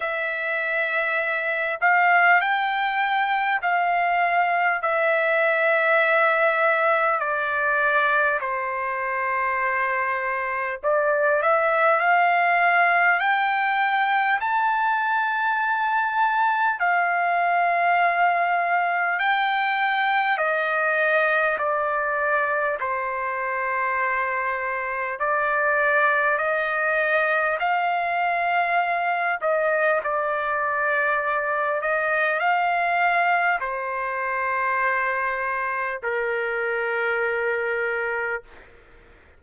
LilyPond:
\new Staff \with { instrumentName = "trumpet" } { \time 4/4 \tempo 4 = 50 e''4. f''8 g''4 f''4 | e''2 d''4 c''4~ | c''4 d''8 e''8 f''4 g''4 | a''2 f''2 |
g''4 dis''4 d''4 c''4~ | c''4 d''4 dis''4 f''4~ | f''8 dis''8 d''4. dis''8 f''4 | c''2 ais'2 | }